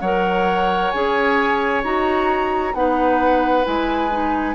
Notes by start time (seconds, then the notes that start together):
0.00 F#3 A#4 C#5 F#5
0.91 C#4 G#4 G#5
1.84 D#4 F#4 A#5
2.74 B3 D#4 B4 F#5
3.64 G#3 E4 G#5
4.12 D#4